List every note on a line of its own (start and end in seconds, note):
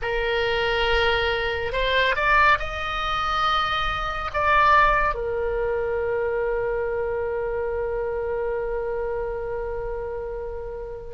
0.02 1.72 A#4
1.72 2.15 C5
2.15 2.58 D5
2.59 4.31 D#5
4.33 5.14 D5
5.14 11.14 A#4